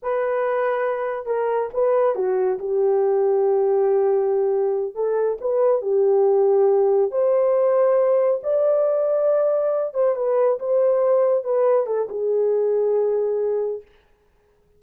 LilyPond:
\new Staff \with { instrumentName = "horn" } { \time 4/4 \tempo 4 = 139 b'2. ais'4 | b'4 fis'4 g'2~ | g'2.~ g'8 a'8~ | a'8 b'4 g'2~ g'8~ |
g'8 c''2. d''8~ | d''2. c''8 b'8~ | b'8 c''2 b'4 a'8 | gis'1 | }